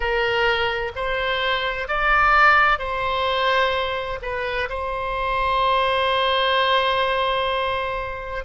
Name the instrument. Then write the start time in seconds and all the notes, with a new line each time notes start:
oboe
0.00 A#4
0.95 C5
1.87 D5
2.78 C5
4.21 B4
4.69 C5